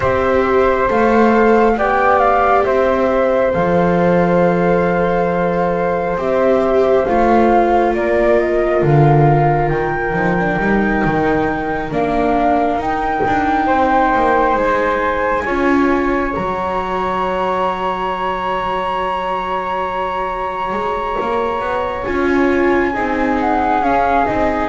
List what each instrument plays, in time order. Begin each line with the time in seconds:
0.00 double bass C4, viola G4, flute C5 E5
0.88 double bass A3, viola A4, flute F5
1.76 double bass B3, viola G4, flute D5 G5
2.18 flute F5
2.64 double bass C4, flute C5 E5
3.53 double bass F3, viola A4, flute F5
6.16 double bass C4, viola G4, flute E5
7.04 double bass A3, viola F4, flute F5
7.93 double bass A#3, flute A#4 D5
8.39 flute D#5
8.82 double bass D3, flute F5
9.69 double bass D#3, flute G5
10.12 double bass F3, viola D#4
10.38 viola D4
10.58 double bass G3, viola D#4
11.05 double bass D#3
11.91 double bass A#3, viola D4, flute F5
12.76 double bass D#4, viola D#4, flute G5
13.26 double bass D4
13.66 double bass C4, flute C5
14.15 double bass A#3
14.55 double bass G#3, flute G#5
15.44 double bass C#4, viola F4, flute C#5
16.32 double bass F#3, viola F#4, flute A#5
20.72 double bass G#3
21.21 double bass A#3
21.60 double bass B3
22.04 double bass C#4, viola F4, flute G#5
22.93 double bass C4, viola D#4, flute G#4
23.39 flute F#5
23.80 double bass C#4, viola C#4, flute F5
24.25 double bass C4, viola D#4, flute D#5